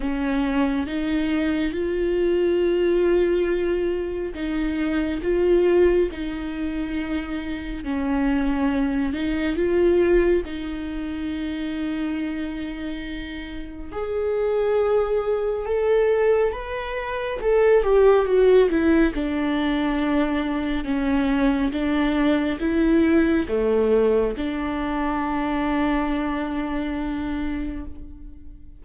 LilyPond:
\new Staff \with { instrumentName = "viola" } { \time 4/4 \tempo 4 = 69 cis'4 dis'4 f'2~ | f'4 dis'4 f'4 dis'4~ | dis'4 cis'4. dis'8 f'4 | dis'1 |
gis'2 a'4 b'4 | a'8 g'8 fis'8 e'8 d'2 | cis'4 d'4 e'4 a4 | d'1 | }